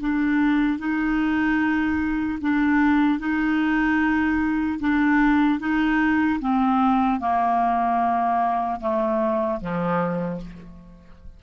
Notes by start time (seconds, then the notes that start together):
0.00 D4
0.79 D#4
2.41 D4
3.19 D#4
4.80 D4
5.59 D#4
6.40 C4
7.20 A#3
8.80 A3
9.61 F3